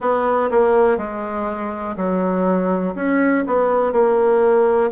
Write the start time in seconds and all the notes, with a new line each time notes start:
0.00 B3
0.50 A#3
0.97 G#3
1.96 F#3
2.95 C#4
3.46 B3
3.92 A#3